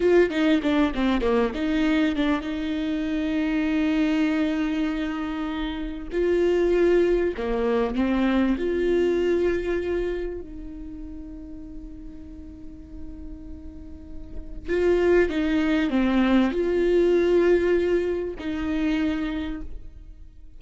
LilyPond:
\new Staff \with { instrumentName = "viola" } { \time 4/4 \tempo 4 = 98 f'8 dis'8 d'8 c'8 ais8 dis'4 d'8 | dis'1~ | dis'2 f'2 | ais4 c'4 f'2~ |
f'4 dis'2.~ | dis'1 | f'4 dis'4 c'4 f'4~ | f'2 dis'2 | }